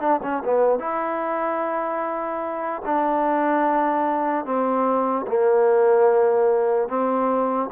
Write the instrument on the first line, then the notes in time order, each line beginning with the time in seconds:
trombone
0.00 D4
0.22 C#4
0.44 B3
0.79 E4
2.85 D4
4.45 C4
5.27 A#3
6.88 C4